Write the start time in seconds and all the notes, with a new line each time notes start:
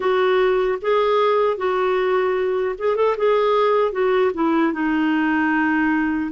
0.00 F#4
0.81 G#4
1.57 F#4
2.78 G#4
2.96 A4
3.17 G#4
3.92 F#4
4.34 E4
4.73 D#4